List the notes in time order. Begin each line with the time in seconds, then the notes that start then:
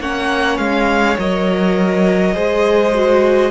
0.00 A#3 C#4 C#5 F#5
0.58 G#3 F5
1.18 F#3 A#4 D#5
2.34 G#3 G#4 C5
2.95 F#4